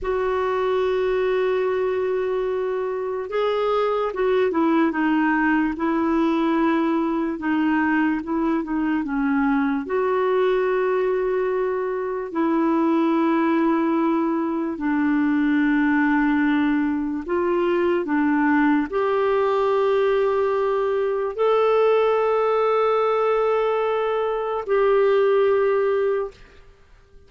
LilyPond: \new Staff \with { instrumentName = "clarinet" } { \time 4/4 \tempo 4 = 73 fis'1 | gis'4 fis'8 e'8 dis'4 e'4~ | e'4 dis'4 e'8 dis'8 cis'4 | fis'2. e'4~ |
e'2 d'2~ | d'4 f'4 d'4 g'4~ | g'2 a'2~ | a'2 g'2 | }